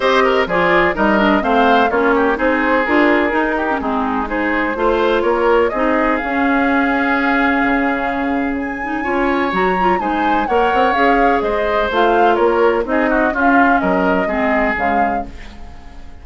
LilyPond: <<
  \new Staff \with { instrumentName = "flute" } { \time 4/4 \tempo 4 = 126 dis''4 d''4 dis''4 f''4 | cis''4 c''4 ais'2 | gis'4 c''2 cis''4 | dis''4 f''2.~ |
f''2 gis''2 | ais''4 gis''4 fis''4 f''4 | dis''4 f''4 cis''4 dis''4 | f''4 dis''2 f''4 | }
  \new Staff \with { instrumentName = "oboe" } { \time 4/4 c''8 ais'8 gis'4 ais'4 c''4 | f'8 g'8 gis'2~ gis'8 g'8 | dis'4 gis'4 c''4 ais'4 | gis'1~ |
gis'2. cis''4~ | cis''4 c''4 cis''2 | c''2 ais'4 gis'8 fis'8 | f'4 ais'4 gis'2 | }
  \new Staff \with { instrumentName = "clarinet" } { \time 4/4 g'4 f'4 dis'8 d'8 c'4 | cis'4 dis'4 f'4 dis'8. cis'16 | c'4 dis'4 f'2 | dis'4 cis'2.~ |
cis'2~ cis'8 dis'8 f'4 | fis'8 f'8 dis'4 ais'4 gis'4~ | gis'4 f'2 dis'4 | cis'2 c'4 gis4 | }
  \new Staff \with { instrumentName = "bassoon" } { \time 4/4 c'4 f4 g4 a4 | ais4 c'4 d'4 dis'4 | gis2 a4 ais4 | c'4 cis'2. |
cis2. cis'4 | fis4 gis4 ais8 c'8 cis'4 | gis4 a4 ais4 c'4 | cis'4 fis4 gis4 cis4 | }
>>